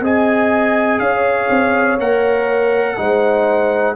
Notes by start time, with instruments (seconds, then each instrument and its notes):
0.00 tuba C4, trombone G#4, horn D#5, trumpet G#5
0.99 tuba C#4, horn C#5, trumpet F5
1.49 tuba C4
1.99 tuba A#3, trombone A#4, trumpet F#5
2.96 tuba G#3, trombone D#4, horn C5